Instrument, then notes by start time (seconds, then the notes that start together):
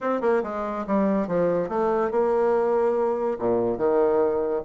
bassoon
0.00 C4
0.21 A#3
0.43 G#3
0.86 G3
1.27 F3
1.68 A3
2.11 A#3
3.38 A#2
3.77 D#3